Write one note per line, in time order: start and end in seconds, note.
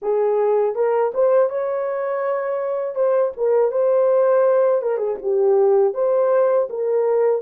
0.02 0.75 G#4
0.75 1.12 A#4
1.13 1.49 C5
1.49 2.95 C#5
2.95 3.32 C5
3.36 3.71 A#4
3.71 4.82 C5
4.82 4.97 A#4
4.97 5.15 G#4
5.22 5.94 G4
5.94 6.68 C5
6.69 7.42 A#4